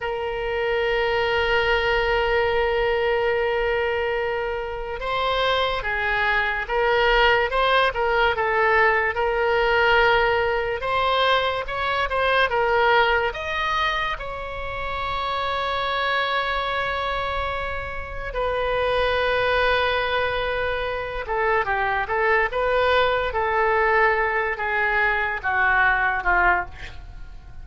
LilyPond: \new Staff \with { instrumentName = "oboe" } { \time 4/4 \tempo 4 = 72 ais'1~ | ais'2 c''4 gis'4 | ais'4 c''8 ais'8 a'4 ais'4~ | ais'4 c''4 cis''8 c''8 ais'4 |
dis''4 cis''2.~ | cis''2 b'2~ | b'4. a'8 g'8 a'8 b'4 | a'4. gis'4 fis'4 f'8 | }